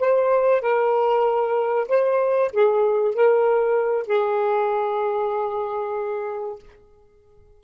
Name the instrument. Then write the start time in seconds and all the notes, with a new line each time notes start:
saxophone
0.00 C5
0.62 A#4
1.89 C5
2.53 G#4
3.15 A#4
4.07 G#4